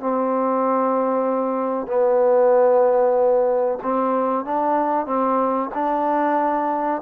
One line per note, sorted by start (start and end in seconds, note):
0.00 1.87 C4
1.87 3.79 B3
3.83 4.45 C4
4.45 5.07 D4
5.07 5.70 C4
5.74 7.02 D4